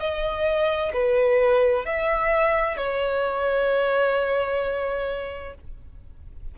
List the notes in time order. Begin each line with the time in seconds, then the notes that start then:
0.00 D#5
0.94 B4
1.85 E5
2.77 C#5